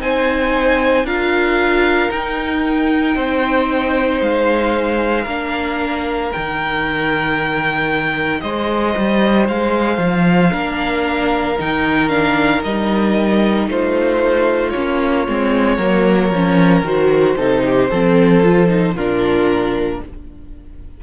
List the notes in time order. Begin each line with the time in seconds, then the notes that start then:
0.00 C4 D#4 C5 G#5
1.04 D4 F4 A#4 F5
2.11 D#4 G5
3.16 C4 C5
4.21 G#3 F5
5.24 A#3 D4 A#4
6.32 D#3 D#4 G5
8.41 G#3 C5 D#5
8.97 G3
9.48 G#3 F5
9.98 F3
10.51 A#3 D4 A#4
11.59 D#3 D#4 G5
12.09 D4 F5
12.64 G3 D#4 D#5
13.68 A3 F4 C5
14.70 C#4 C#5
14.76 A#3
15.28 G#3 C4
15.77 F#3 A#3 A#4
16.31 F3 C#4
16.84 D#3 F#4 C5
17.37 C3 D#4 A4
17.65 G4
17.91 F3 C4 A4
18.44 F4
18.68 D#4
18.95 A#2 D4 F4 A#4